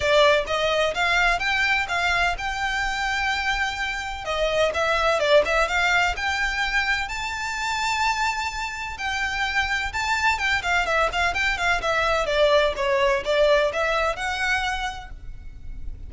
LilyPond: \new Staff \with { instrumentName = "violin" } { \time 4/4 \tempo 4 = 127 d''4 dis''4 f''4 g''4 | f''4 g''2.~ | g''4 dis''4 e''4 d''8 e''8 | f''4 g''2 a''4~ |
a''2. g''4~ | g''4 a''4 g''8 f''8 e''8 f''8 | g''8 f''8 e''4 d''4 cis''4 | d''4 e''4 fis''2 | }